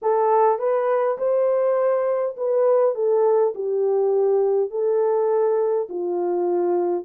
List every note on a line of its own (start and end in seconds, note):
0.02 0.58 A4
0.58 1.17 B4
1.18 2.35 C5
2.36 2.94 B4
2.94 3.53 A4
3.54 4.70 G4
4.70 5.88 A4
5.89 7.04 F4